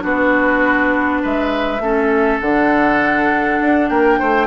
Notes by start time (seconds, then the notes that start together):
0.00 B3 D4 F#4 B4
1.23 G#3 B4 E5
1.80 A3 C#4 A4
2.41 D3 D4 F#5
3.61 D4
3.89 A#3 A#4 G5
4.19 A3 C5